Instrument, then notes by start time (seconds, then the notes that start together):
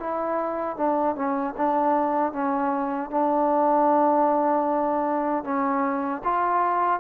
trombone
0.00 E4
0.78 D4
1.16 C#4
1.58 D4
2.33 C#4
3.11 D4
5.45 C#4
6.24 F4